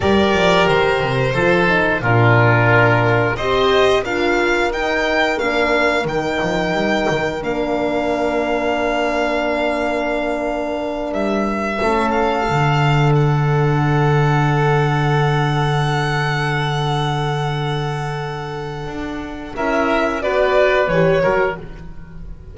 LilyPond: <<
  \new Staff \with { instrumentName = "violin" } { \time 4/4 \tempo 4 = 89 d''4 c''2 ais'4~ | ais'4 dis''4 f''4 g''4 | f''4 g''2 f''4~ | f''1~ |
f''8 e''4. f''4. fis''8~ | fis''1~ | fis''1~ | fis''4 e''4 d''4 cis''4 | }
  \new Staff \with { instrumentName = "oboe" } { \time 4/4 ais'2 a'4 f'4~ | f'4 c''4 ais'2~ | ais'1~ | ais'1~ |
ais'4. a'2~ a'8~ | a'1~ | a'1~ | a'4 ais'4 b'4. ais'8 | }
  \new Staff \with { instrumentName = "horn" } { \time 4/4 g'2 f'8 dis'8 d'4~ | d'4 g'4 f'4 dis'4 | d'4 dis'2 d'4~ | d'1~ |
d'4. cis'4 d'4.~ | d'1~ | d'1~ | d'4 e'4 fis'4 g'8 fis'8 | }
  \new Staff \with { instrumentName = "double bass" } { \time 4/4 g8 f8 dis8 c8 f4 ais,4~ | ais,4 c'4 d'4 dis'4 | ais4 dis8 f8 g8 dis8 ais4~ | ais1~ |
ais8 g4 a4 d4.~ | d1~ | d1 | d'4 cis'4 b4 e8 fis8 | }
>>